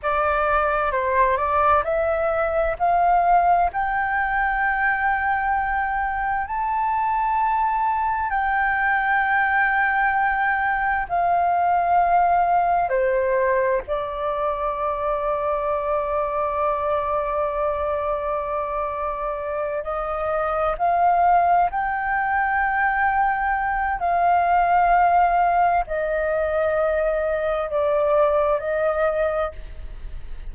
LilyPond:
\new Staff \with { instrumentName = "flute" } { \time 4/4 \tempo 4 = 65 d''4 c''8 d''8 e''4 f''4 | g''2. a''4~ | a''4 g''2. | f''2 c''4 d''4~ |
d''1~ | d''4. dis''4 f''4 g''8~ | g''2 f''2 | dis''2 d''4 dis''4 | }